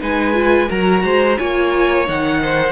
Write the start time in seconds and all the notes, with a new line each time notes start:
0.00 G#3 D#4 B4 G#5
0.33 F4
0.68 F#3 F#4 A#4 A#5
1.03 G#3 C5
1.37 A#3 F4 C#5 G#5
2.06 D#3 D#4 F#5
2.41 C5